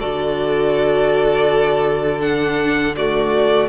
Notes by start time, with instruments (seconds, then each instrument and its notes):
0.00 cello D3, viola F#4, violin A4 D5
2.21 viola D4, violin F#5
2.97 viola A3, violin F#4 D5